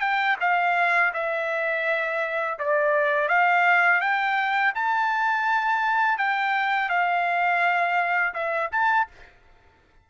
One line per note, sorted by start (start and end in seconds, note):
0.00 0.36 G5
0.40 1.12 F5
1.13 2.58 E5
2.58 3.28 D5
3.28 4.00 F5
4.01 4.73 G5
4.74 6.17 A5
6.17 6.89 G5
6.89 8.33 F5
8.33 8.69 E5
8.71 9.07 A5